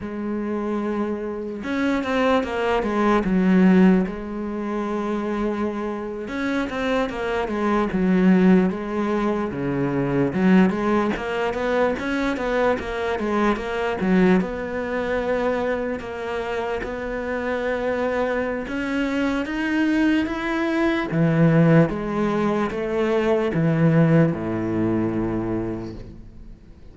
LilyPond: \new Staff \with { instrumentName = "cello" } { \time 4/4 \tempo 4 = 74 gis2 cis'8 c'8 ais8 gis8 | fis4 gis2~ gis8. cis'16~ | cis'16 c'8 ais8 gis8 fis4 gis4 cis16~ | cis8. fis8 gis8 ais8 b8 cis'8 b8 ais16~ |
ais16 gis8 ais8 fis8 b2 ais16~ | ais8. b2~ b16 cis'4 | dis'4 e'4 e4 gis4 | a4 e4 a,2 | }